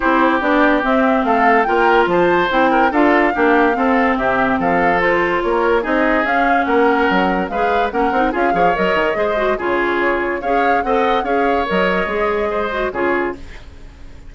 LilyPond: <<
  \new Staff \with { instrumentName = "flute" } { \time 4/4 \tempo 4 = 144 c''4 d''4 e''4 f''4 | g''4 a''4 g''4 f''4~ | f''2 e''4 f''4 | c''4 cis''4 dis''4 f''4 |
fis''2 f''4 fis''4 | f''4 dis''2 cis''4~ | cis''4 f''4 fis''4 f''4 | dis''2. cis''4 | }
  \new Staff \with { instrumentName = "oboe" } { \time 4/4 g'2. a'4 | ais'4 c''4. ais'8 a'4 | g'4 a'4 g'4 a'4~ | a'4 ais'4 gis'2 |
ais'2 b'4 ais'4 | gis'8 cis''4. c''4 gis'4~ | gis'4 cis''4 dis''4 cis''4~ | cis''2 c''4 gis'4 | }
  \new Staff \with { instrumentName = "clarinet" } { \time 4/4 e'4 d'4 c'2 | f'2 e'4 f'4 | d'4 c'2. | f'2 dis'4 cis'4~ |
cis'2 gis'4 cis'8 dis'8 | f'8 gis'8 ais'4 gis'8 fis'8 f'4~ | f'4 gis'4 a'4 gis'4 | ais'4 gis'4. fis'8 f'4 | }
  \new Staff \with { instrumentName = "bassoon" } { \time 4/4 c'4 b4 c'4 a4 | ais4 f4 c'4 d'4 | ais4 c'4 c4 f4~ | f4 ais4 c'4 cis'4 |
ais4 fis4 gis4 ais8 c'8 | cis'8 f8 fis8 dis8 gis4 cis4~ | cis4 cis'4 c'4 cis'4 | fis4 gis2 cis4 | }
>>